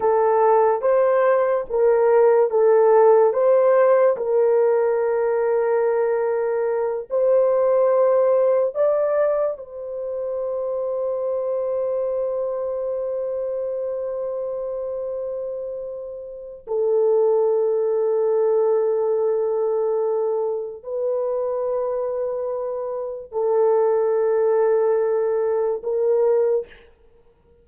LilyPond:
\new Staff \with { instrumentName = "horn" } { \time 4/4 \tempo 4 = 72 a'4 c''4 ais'4 a'4 | c''4 ais'2.~ | ais'8 c''2 d''4 c''8~ | c''1~ |
c''1 | a'1~ | a'4 b'2. | a'2. ais'4 | }